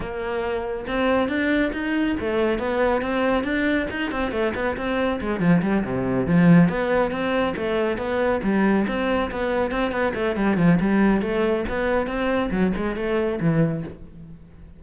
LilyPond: \new Staff \with { instrumentName = "cello" } { \time 4/4 \tempo 4 = 139 ais2 c'4 d'4 | dis'4 a4 b4 c'4 | d'4 dis'8 c'8 a8 b8 c'4 | gis8 f8 g8 c4 f4 b8~ |
b8 c'4 a4 b4 g8~ | g8 c'4 b4 c'8 b8 a8 | g8 f8 g4 a4 b4 | c'4 fis8 gis8 a4 e4 | }